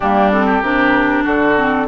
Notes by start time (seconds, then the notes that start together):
0.00 G3 A#3 D4 G4
0.32 C4 A4
0.46 G4
0.61 C3 D4 A#4
1.23 D3 F#4 A4
1.56 C4